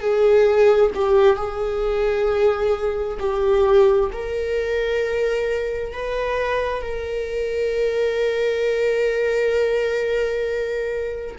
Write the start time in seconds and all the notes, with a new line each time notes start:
0.00 G#4
0.95 G4
1.36 G#4
3.19 G4
4.12 A#4
5.93 B4
6.82 A#4